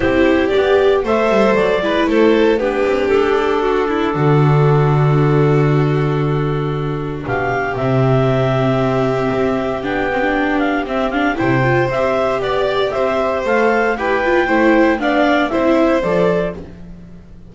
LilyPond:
<<
  \new Staff \with { instrumentName = "clarinet" } { \time 4/4 \tempo 4 = 116 c''4 d''4 e''4 d''4 | c''4 b'4 a'2~ | a'1~ | a'2 f''4 e''4~ |
e''2. g''4~ | g''8 f''8 e''8 f''8 g''4 e''4 | d''4 e''4 f''4 g''4~ | g''4 f''4 e''4 d''4 | }
  \new Staff \with { instrumentName = "violin" } { \time 4/4 g'2 c''4. b'8 | a'4 g'2 fis'8 e'8 | fis'1~ | fis'2 g'2~ |
g'1~ | g'2 c''2 | d''4 c''2 b'4 | c''4 d''4 c''2 | }
  \new Staff \with { instrumentName = "viola" } { \time 4/4 e'4 g'4 a'4. e'8~ | e'4 d'2.~ | d'1~ | d'2. c'4~ |
c'2. d'8 c'16 d'16~ | d'4 c'8 d'8 e'8 f'8 g'4~ | g'2 a'4 g'8 f'8 | e'4 d'4 e'4 a'4 | }
  \new Staff \with { instrumentName = "double bass" } { \time 4/4 c'4 b4 a8 g8 fis8 gis8 | a4 b8 c'8 d'2 | d1~ | d2 b,4 c4~ |
c2 c'4 b4~ | b4 c'4 c4 c'4 | b4 c'4 a4 e'4 | a4 b4 c'4 f4 | }
>>